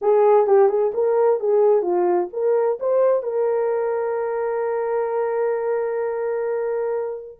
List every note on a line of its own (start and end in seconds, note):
0.01 0.46 G#4
0.46 0.68 G4
0.68 0.91 G#4
0.94 1.40 A#4
1.40 1.82 G#4
1.82 2.28 F4
2.32 2.78 A#4
2.79 3.22 C5
3.22 7.38 A#4